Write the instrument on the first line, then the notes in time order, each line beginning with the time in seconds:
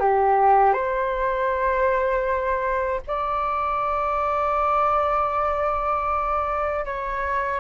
flute
0.00 G4
0.73 C5
3.07 D5
6.85 C#5